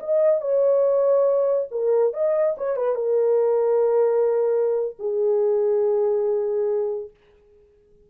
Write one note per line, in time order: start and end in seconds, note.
0.00 0.41 D#5
0.41 1.68 C#5
1.71 2.13 A#4
2.14 2.56 D#5
2.58 2.76 C#5
2.76 2.95 B4
2.95 4.96 A#4
4.99 7.10 G#4